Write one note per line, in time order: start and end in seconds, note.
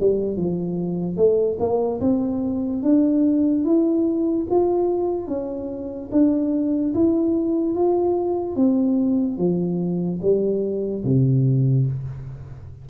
0.00 0.37 G3
0.37 1.17 F3
1.17 1.58 A3
1.60 2.01 A#3
2.01 2.83 C4
2.83 3.65 D4
3.65 4.47 E4
4.50 5.28 F4
5.28 6.10 C#4
6.12 6.94 D4
6.95 7.75 E4
7.75 8.56 F4
8.56 9.38 C4
9.38 10.20 F3
10.22 11.04 G3
11.04 11.87 C3